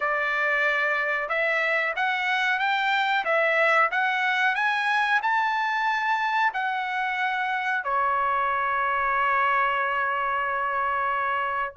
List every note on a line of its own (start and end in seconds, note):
0.00 1.28 D5
1.28 1.94 E5
1.96 2.59 F#5
2.59 3.24 G5
3.24 3.90 E5
3.91 4.55 F#5
4.55 5.20 G#5
5.22 6.52 A5
6.53 7.83 F#5
7.83 11.75 C#5